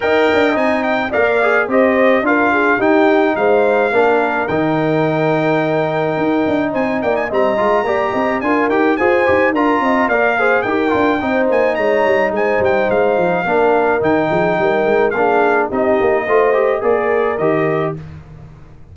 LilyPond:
<<
  \new Staff \with { instrumentName = "trumpet" } { \time 4/4 \tempo 4 = 107 g''4 gis''8 g''8 f''4 dis''4 | f''4 g''4 f''2 | g''1 | gis''8 g''16 gis''16 ais''2 gis''8 g''8 |
gis''4 ais''4 f''4 g''4~ | g''8 gis''8 ais''4 gis''8 g''8 f''4~ | f''4 g''2 f''4 | dis''2 d''4 dis''4 | }
  \new Staff \with { instrumentName = "horn" } { \time 4/4 dis''2 d''4 c''4 | ais'8 gis'8 g'4 c''4 ais'4~ | ais'1 | c''8 d''8 dis''4 d''8 dis''8 ais'4 |
c''4 ais'8 dis''8 d''8 c''8 ais'4 | c''4 cis''4 c''2 | ais'4. gis'8 ais'4 gis'4 | g'4 c''4 ais'2 | }
  \new Staff \with { instrumentName = "trombone" } { \time 4/4 ais'4 dis'4 ais'8 gis'8 g'4 | f'4 dis'2 d'4 | dis'1~ | dis'4 c'8 f'8 g'4 f'8 g'8 |
gis'8 g'8 f'4 ais'8 gis'8 g'8 f'8 | dis'1 | d'4 dis'2 d'4 | dis'4 f'8 g'8 gis'4 g'4 | }
  \new Staff \with { instrumentName = "tuba" } { \time 4/4 dis'8 d'8 c'4 ais4 c'4 | d'4 dis'4 gis4 ais4 | dis2. dis'8 d'8 | c'8 ais8 g8 gis8 ais8 c'8 d'8 dis'8 |
f'8 dis'8 d'8 c'8 ais4 dis'8 d'8 | c'8 ais8 gis8 g8 gis8 g8 gis8 f8 | ais4 dis8 f8 g8 gis8 ais4 | c'8 ais8 a4 ais4 dis4 | }
>>